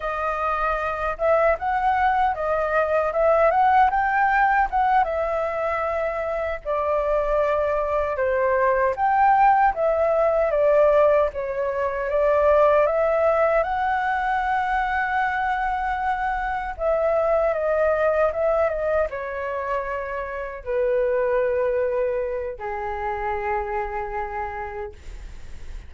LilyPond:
\new Staff \with { instrumentName = "flute" } { \time 4/4 \tempo 4 = 77 dis''4. e''8 fis''4 dis''4 | e''8 fis''8 g''4 fis''8 e''4.~ | e''8 d''2 c''4 g''8~ | g''8 e''4 d''4 cis''4 d''8~ |
d''8 e''4 fis''2~ fis''8~ | fis''4. e''4 dis''4 e''8 | dis''8 cis''2 b'4.~ | b'4 gis'2. | }